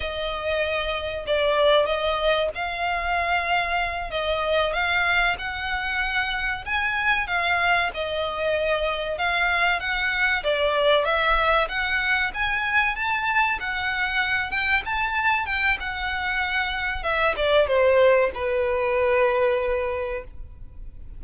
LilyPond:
\new Staff \with { instrumentName = "violin" } { \time 4/4 \tempo 4 = 95 dis''2 d''4 dis''4 | f''2~ f''8 dis''4 f''8~ | f''8 fis''2 gis''4 f''8~ | f''8 dis''2 f''4 fis''8~ |
fis''8 d''4 e''4 fis''4 gis''8~ | gis''8 a''4 fis''4. g''8 a''8~ | a''8 g''8 fis''2 e''8 d''8 | c''4 b'2. | }